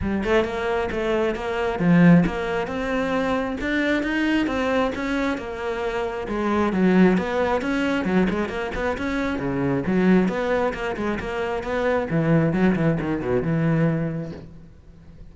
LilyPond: \new Staff \with { instrumentName = "cello" } { \time 4/4 \tempo 4 = 134 g8 a8 ais4 a4 ais4 | f4 ais4 c'2 | d'4 dis'4 c'4 cis'4 | ais2 gis4 fis4 |
b4 cis'4 fis8 gis8 ais8 b8 | cis'4 cis4 fis4 b4 | ais8 gis8 ais4 b4 e4 | fis8 e8 dis8 b,8 e2 | }